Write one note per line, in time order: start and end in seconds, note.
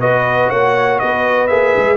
0.00 0.50 B3
0.00 1.49 F#4
0.00 0.50 B4
0.00 0.50 D#5
0.50 1.01 A#3
0.50 1.00 C#5
0.50 0.99 F#5
0.99 1.51 B3
0.99 1.98 B4
0.99 1.48 D#5
1.48 1.76 A#3
1.48 1.98 G#4
1.48 1.97 E5
1.77 1.98 G#3